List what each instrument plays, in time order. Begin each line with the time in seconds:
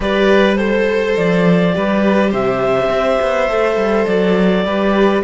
0.00 cello G3, viola G4, violin B4, clarinet D5
0.56 viola A4, clarinet C5, violin C5
1.16 cello F3, clarinet D5
1.72 cello G3, viola G4, violin B4
2.30 cello C3, violin C5, clarinet E5
2.89 cello C4
3.21 cello B3
3.49 cello A3, viola A4
3.75 cello G3
4.06 cello F#3, clarinet D5
4.64 cello G3, viola G4, violin B4